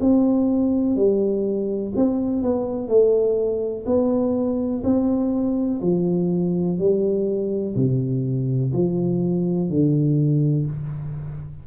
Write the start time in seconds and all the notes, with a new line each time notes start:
0.00 C4
0.96 G3
1.95 C4
2.42 B3
2.88 A3
3.86 B3
4.83 C4
5.81 F3
6.78 G3
7.76 C3
8.72 F3
9.69 D3